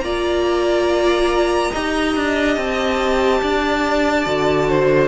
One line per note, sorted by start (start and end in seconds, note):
0.00 1.70 A#3
0.00 1.73 F4
0.00 1.71 D5
0.00 2.54 A#5
1.71 2.16 D#4
1.71 4.25 G4
1.71 3.40 D#5
2.16 2.57 D4
2.55 3.41 C4
2.55 5.08 A5
3.42 4.26 D4
3.42 4.69 D5
4.25 5.08 D3
4.25 5.08 F#4
4.69 5.08 C5